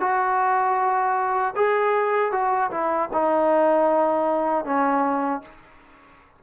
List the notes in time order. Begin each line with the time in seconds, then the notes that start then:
0.00 F#4
1.55 G#4
2.31 F#4
2.71 E4
3.13 D#4
4.65 C#4